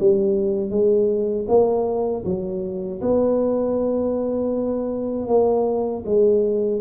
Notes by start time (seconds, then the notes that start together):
0.00 G3
0.70 G#3
1.48 A#3
2.25 F#3
3.02 B3
5.28 A#3
6.06 G#3